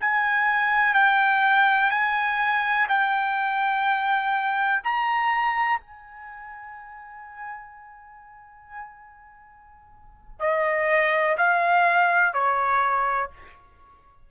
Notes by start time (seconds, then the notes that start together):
0.00 G#5
0.94 G5
1.90 G#5
2.88 G5
4.83 A#5
5.80 G#5
10.39 D#5
11.38 F5
12.33 C#5